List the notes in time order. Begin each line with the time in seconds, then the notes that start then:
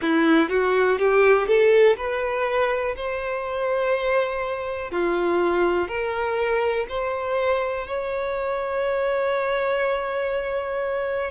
0.01 E4
0.49 F#4
0.98 G4
1.47 A4
1.97 B4
2.96 C5
4.91 F4
5.87 A#4
6.89 C5
7.87 C#5